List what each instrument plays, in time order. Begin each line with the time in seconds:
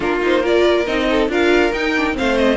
0.00 cello A#3, viola D4, violin F4 A#4
0.21 viola D#4, violin C5
0.42 viola F4, violin A#4 D5
0.85 cello C4, viola D#4, violin D#5
1.10 violin A4
1.28 cello D4, viola F4, violin A#4 F5
1.73 cello D#4, viola D#4, violin G5
1.96 viola D4
2.12 viola C4, violin C5 F5
2.20 cello A3
2.37 violin D#5